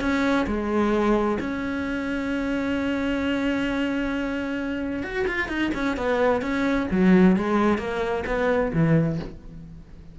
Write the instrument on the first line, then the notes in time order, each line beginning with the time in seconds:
cello
0.00 C#4
0.47 G#3
1.39 C#4
5.03 F#4
5.27 F4
5.48 D#4
5.74 C#4
5.96 B3
6.41 C#4
6.91 F#3
7.36 G#3
7.78 A#3
8.26 B3
8.73 E3